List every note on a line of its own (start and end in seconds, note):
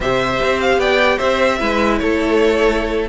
0.00 0.40 C3
0.00 1.58 G4
0.00 0.79 C5
0.00 0.60 E5
0.43 0.77 C4
0.61 0.80 F5
0.77 1.17 B3
0.77 1.17 D5
0.77 1.18 G5
1.17 1.60 C4
1.17 1.57 C5
1.17 1.98 E5
1.58 2.00 G#3
1.58 3.08 E4
1.58 1.99 B4
1.98 3.09 A3
1.98 3.09 A4
1.98 3.08 C#5